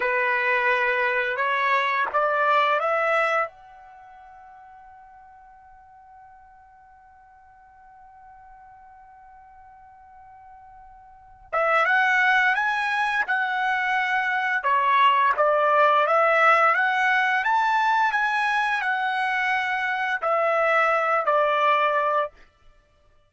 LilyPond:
\new Staff \with { instrumentName = "trumpet" } { \time 4/4 \tempo 4 = 86 b'2 cis''4 d''4 | e''4 fis''2.~ | fis''1~ | fis''1~ |
fis''8 e''8 fis''4 gis''4 fis''4~ | fis''4 cis''4 d''4 e''4 | fis''4 a''4 gis''4 fis''4~ | fis''4 e''4. d''4. | }